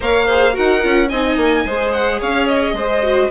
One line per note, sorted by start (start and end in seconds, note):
0.00 0.56 A#3
0.00 0.28 A#4
0.00 0.26 C#5
0.00 0.56 F5
0.26 0.53 G#4
0.26 0.53 C5
0.53 0.84 D#4
0.53 0.80 F#4
0.53 1.08 A#4
0.53 1.08 F#5
0.81 1.11 C#4
0.81 1.09 F4
1.08 1.36 C4
1.08 1.67 D#4
1.08 1.64 D#5
1.08 1.91 G#5
1.36 1.64 A#3
1.65 2.20 G#3
1.65 3.02 G#4
1.65 2.19 C5
1.92 2.19 F#5
2.19 2.73 C#4
2.19 2.74 C#5
2.19 2.47 F5
2.47 3.30 D#5
2.73 3.28 G#3
2.73 3.30 C5
3.02 3.29 F#4